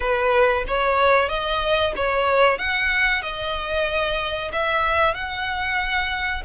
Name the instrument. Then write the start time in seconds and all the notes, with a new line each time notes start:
violin
0.00 B4
0.67 C#5
1.28 D#5
1.95 C#5
2.58 F#5
3.22 D#5
4.52 E5
5.14 F#5